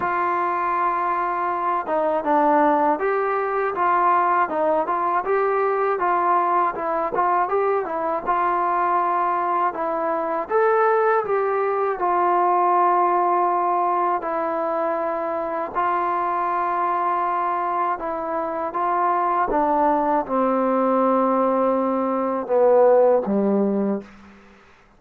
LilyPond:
\new Staff \with { instrumentName = "trombone" } { \time 4/4 \tempo 4 = 80 f'2~ f'8 dis'8 d'4 | g'4 f'4 dis'8 f'8 g'4 | f'4 e'8 f'8 g'8 e'8 f'4~ | f'4 e'4 a'4 g'4 |
f'2. e'4~ | e'4 f'2. | e'4 f'4 d'4 c'4~ | c'2 b4 g4 | }